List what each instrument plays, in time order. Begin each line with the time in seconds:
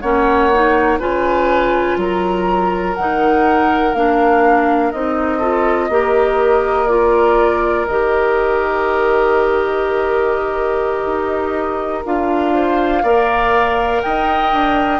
0.00 bassoon A#3, clarinet C#4, oboe C#5, flute F#5
0.53 clarinet D#4
0.99 bassoon C#3, clarinet F4, oboe B4, flute G#5
1.97 bassoon F#3, oboe A#4, flute A#5
2.95 bassoon D#3, clarinet D#4, flute F#5
3.93 bassoon A#3, clarinet D4, flute F5
4.91 bassoon C4, clarinet D#4, flute D#5
5.38 clarinet F4, oboe A4
5.89 bassoon A#3, clarinet G4, oboe A#4
6.87 clarinet F4, flute D5
7.86 bassoon D#3, clarinet G4, flute D#5
11.05 bassoon D#4
12.05 bassoon D4, clarinet F4, flute F5
12.54 oboe C5
13.03 bassoon A#3, clarinet A#4, oboe D5
14.02 bassoon D#4, oboe D#5, flute G5
14.52 bassoon D4